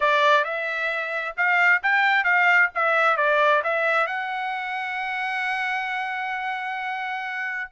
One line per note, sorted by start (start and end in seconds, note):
0.00 0.44 D5
0.44 1.35 E5
1.36 1.82 F5
1.82 2.24 G5
2.24 2.69 F5
2.75 3.17 E5
3.17 3.62 D5
3.63 4.06 E5
4.06 7.70 F#5